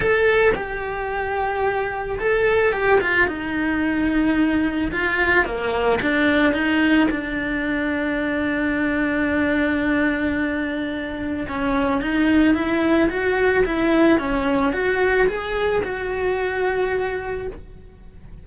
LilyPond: \new Staff \with { instrumentName = "cello" } { \time 4/4 \tempo 4 = 110 a'4 g'2. | a'4 g'8 f'8 dis'2~ | dis'4 f'4 ais4 d'4 | dis'4 d'2.~ |
d'1~ | d'4 cis'4 dis'4 e'4 | fis'4 e'4 cis'4 fis'4 | gis'4 fis'2. | }